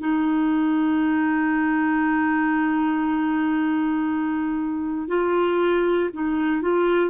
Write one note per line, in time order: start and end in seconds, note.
0.00 5.08 D#4
5.08 6.10 F4
6.13 6.62 D#4
6.62 7.10 F4